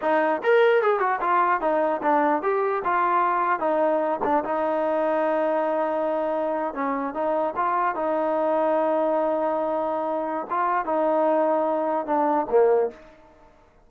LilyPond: \new Staff \with { instrumentName = "trombone" } { \time 4/4 \tempo 4 = 149 dis'4 ais'4 gis'8 fis'8 f'4 | dis'4 d'4 g'4 f'4~ | f'4 dis'4. d'8 dis'4~ | dis'1~ |
dis'8. cis'4 dis'4 f'4 dis'16~ | dis'1~ | dis'2 f'4 dis'4~ | dis'2 d'4 ais4 | }